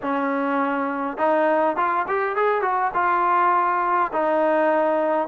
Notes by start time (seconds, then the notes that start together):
0.02 C#4
1.17 D#4
1.76 F4
2.07 G4
2.36 G#4
2.61 F#4
2.94 F4
4.12 D#4